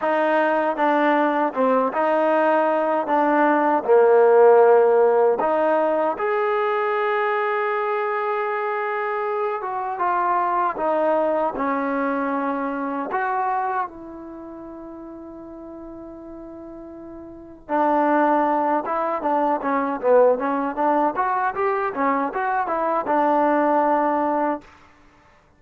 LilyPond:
\new Staff \with { instrumentName = "trombone" } { \time 4/4 \tempo 4 = 78 dis'4 d'4 c'8 dis'4. | d'4 ais2 dis'4 | gis'1~ | gis'8 fis'8 f'4 dis'4 cis'4~ |
cis'4 fis'4 e'2~ | e'2. d'4~ | d'8 e'8 d'8 cis'8 b8 cis'8 d'8 fis'8 | g'8 cis'8 fis'8 e'8 d'2 | }